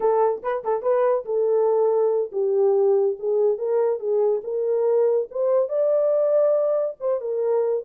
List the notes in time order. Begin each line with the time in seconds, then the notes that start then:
0.00 A4
0.42 B4
0.64 A4
0.82 B4
1.25 A4
2.32 G4
3.19 G#4
3.58 A#4
3.99 G#4
4.43 A#4
5.30 C5
5.68 D5
7.00 C5
7.20 A#4